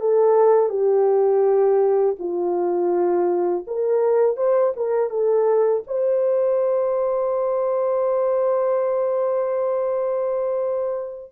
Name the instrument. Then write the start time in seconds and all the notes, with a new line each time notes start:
horn
0.00 A4
0.69 G4
2.19 F4
3.67 A#4
4.37 C5
4.76 A#4
5.10 A4
5.87 C5